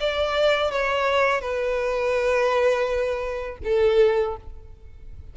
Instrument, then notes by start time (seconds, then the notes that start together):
violin
0.00 D5
0.71 C#5
1.41 B4
3.64 A4